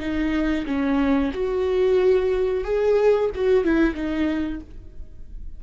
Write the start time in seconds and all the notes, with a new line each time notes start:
0.00 D#4
0.67 C#4
1.34 F#4
2.65 G#4
3.35 F#4
3.64 E4
3.95 D#4